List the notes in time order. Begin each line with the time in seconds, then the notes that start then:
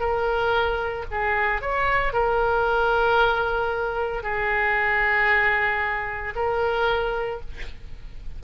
0.00 A#4
1.11 G#4
1.61 C#5
2.13 A#4
4.23 G#4
6.35 A#4